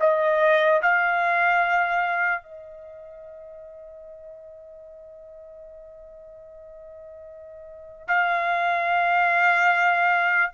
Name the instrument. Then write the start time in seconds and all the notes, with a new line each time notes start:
trumpet
0.00 D#5
0.82 F5
2.43 D#5
8.08 F5